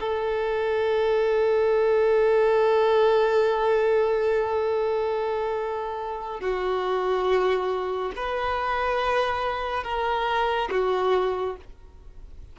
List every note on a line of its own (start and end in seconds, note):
0.00 6.41 A4
6.41 8.12 F#4
8.16 9.84 B4
9.84 10.69 A#4
10.71 11.56 F#4